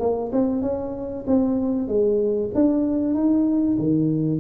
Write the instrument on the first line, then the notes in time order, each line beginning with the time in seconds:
tuba
0.00 A#3
0.33 C4
0.62 C#4
1.27 C4
1.88 G#3
2.55 D4
3.15 D#4
3.78 D#3